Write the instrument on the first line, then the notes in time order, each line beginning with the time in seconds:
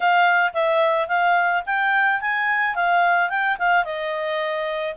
clarinet
0.00 F5
0.53 E5
1.08 F5
1.65 G5
2.20 G#5
2.75 F5
3.29 G5
3.59 F5
3.84 D#5